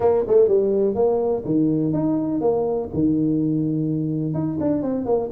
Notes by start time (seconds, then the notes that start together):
0.00 A#3
0.27 A3
0.48 G3
0.94 A#3
1.45 D#3
1.93 D#4
2.41 A#3
2.93 D#3
4.34 D#4
4.60 D4
4.82 C4
5.05 A#3